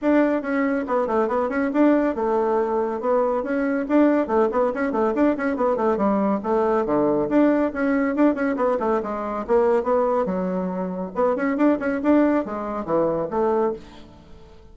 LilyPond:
\new Staff \with { instrumentName = "bassoon" } { \time 4/4 \tempo 4 = 140 d'4 cis'4 b8 a8 b8 cis'8 | d'4 a2 b4 | cis'4 d'4 a8 b8 cis'8 a8 | d'8 cis'8 b8 a8 g4 a4 |
d4 d'4 cis'4 d'8 cis'8 | b8 a8 gis4 ais4 b4 | fis2 b8 cis'8 d'8 cis'8 | d'4 gis4 e4 a4 | }